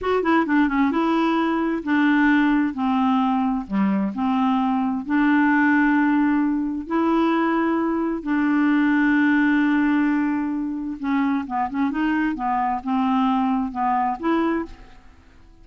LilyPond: \new Staff \with { instrumentName = "clarinet" } { \time 4/4 \tempo 4 = 131 fis'8 e'8 d'8 cis'8 e'2 | d'2 c'2 | g4 c'2 d'4~ | d'2. e'4~ |
e'2 d'2~ | d'1 | cis'4 b8 cis'8 dis'4 b4 | c'2 b4 e'4 | }